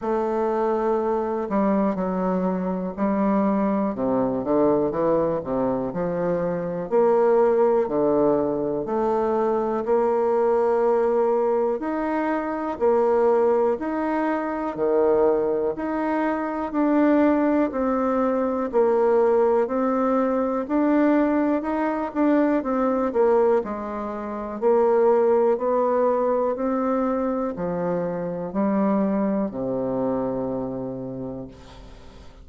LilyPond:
\new Staff \with { instrumentName = "bassoon" } { \time 4/4 \tempo 4 = 61 a4. g8 fis4 g4 | c8 d8 e8 c8 f4 ais4 | d4 a4 ais2 | dis'4 ais4 dis'4 dis4 |
dis'4 d'4 c'4 ais4 | c'4 d'4 dis'8 d'8 c'8 ais8 | gis4 ais4 b4 c'4 | f4 g4 c2 | }